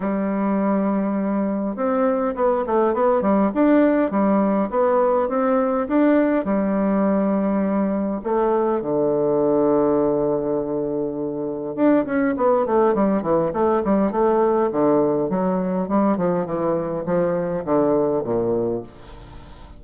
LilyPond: \new Staff \with { instrumentName = "bassoon" } { \time 4/4 \tempo 4 = 102 g2. c'4 | b8 a8 b8 g8 d'4 g4 | b4 c'4 d'4 g4~ | g2 a4 d4~ |
d1 | d'8 cis'8 b8 a8 g8 e8 a8 g8 | a4 d4 fis4 g8 f8 | e4 f4 d4 ais,4 | }